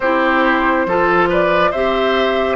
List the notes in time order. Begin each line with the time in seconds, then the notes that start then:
0.00 C4 E4 G4 C5
0.86 F3 F4 A4
1.29 B4 D5
1.71 C4 G4 C5 E5